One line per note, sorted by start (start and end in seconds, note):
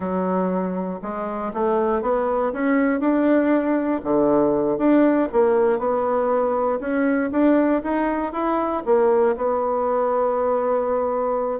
0.00 1.00 F#3
1.02 1.52 G#3
1.53 2.01 A3
2.01 2.52 B3
2.52 3.00 C#4
3.00 4.00 D4
4.03 4.78 D3
4.78 5.28 D4
5.32 5.78 A#3
5.78 6.79 B3
6.80 7.30 C#4
7.31 7.82 D4
7.83 8.32 D#4
8.32 8.83 E4
8.85 9.36 A#3
9.36 11.59 B3